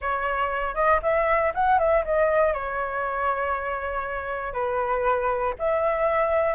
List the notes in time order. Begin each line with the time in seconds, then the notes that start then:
0.01 C#5
0.74 D#5
1.02 E5
1.54 F#5
1.79 E5
2.04 D#5
2.53 C#5
4.53 B4
5.58 E5